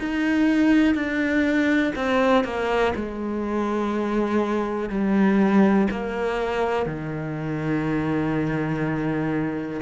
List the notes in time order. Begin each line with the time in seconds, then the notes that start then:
0.00 D#4
0.95 D4
1.95 C4
2.44 A#3
2.95 G#3
4.90 G3
5.91 A#3
6.86 D#3